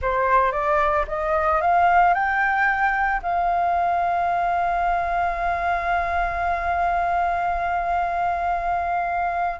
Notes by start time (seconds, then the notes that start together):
0.01 C5
0.52 D5
1.07 D#5
1.61 F5
2.14 G5
3.22 F5